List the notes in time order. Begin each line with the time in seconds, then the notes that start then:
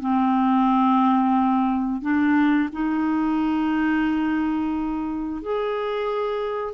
0.00 C4
2.02 D4
2.73 D#4
5.42 G#4